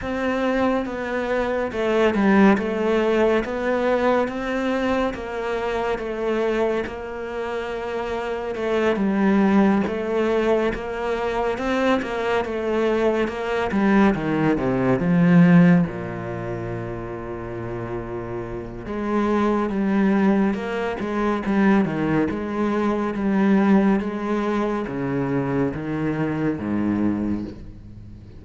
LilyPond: \new Staff \with { instrumentName = "cello" } { \time 4/4 \tempo 4 = 70 c'4 b4 a8 g8 a4 | b4 c'4 ais4 a4 | ais2 a8 g4 a8~ | a8 ais4 c'8 ais8 a4 ais8 |
g8 dis8 c8 f4 ais,4.~ | ais,2 gis4 g4 | ais8 gis8 g8 dis8 gis4 g4 | gis4 cis4 dis4 gis,4 | }